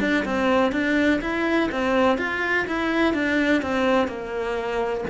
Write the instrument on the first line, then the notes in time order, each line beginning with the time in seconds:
cello
0.00 D4
0.25 C4
0.72 D4
1.21 E4
1.72 C4
2.18 F4
2.67 E4
3.14 D4
3.62 C4
4.07 A#3